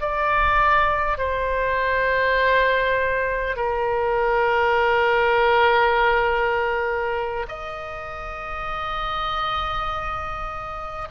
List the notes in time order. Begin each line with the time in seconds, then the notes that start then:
0.00 D5
1.18 C5
3.56 A#4
7.48 D#5